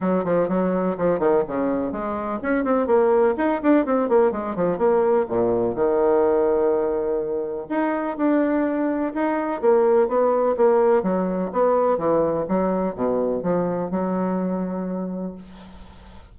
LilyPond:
\new Staff \with { instrumentName = "bassoon" } { \time 4/4 \tempo 4 = 125 fis8 f8 fis4 f8 dis8 cis4 | gis4 cis'8 c'8 ais4 dis'8 d'8 | c'8 ais8 gis8 f8 ais4 ais,4 | dis1 |
dis'4 d'2 dis'4 | ais4 b4 ais4 fis4 | b4 e4 fis4 b,4 | f4 fis2. | }